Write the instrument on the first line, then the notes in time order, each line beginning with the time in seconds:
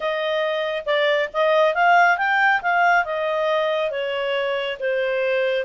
clarinet
0.00 D#5
0.85 D5
1.33 D#5
1.74 F5
2.17 G5
2.62 F5
3.04 D#5
3.90 C#5
4.79 C5